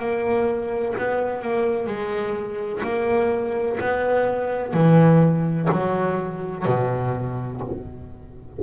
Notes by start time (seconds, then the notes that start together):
0.00 A#3
0.98 B3
1.42 A#3
1.87 G#3
2.83 A#3
3.81 B3
4.74 E3
5.72 F#3
6.66 B2